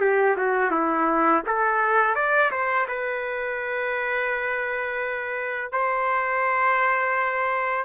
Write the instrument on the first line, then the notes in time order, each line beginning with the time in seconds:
trumpet
0.00 G4
0.36 F#4
0.70 E4
1.46 A4
2.15 D5
2.51 C5
2.88 B4
5.72 C5